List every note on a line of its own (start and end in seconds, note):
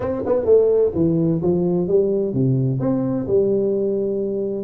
0.00 0.22 C4
0.26 0.45 B3
0.45 0.92 A3
0.95 1.41 E3
1.41 1.87 F3
1.87 2.33 G3
2.33 2.79 C3
2.80 3.26 C4
3.27 4.64 G3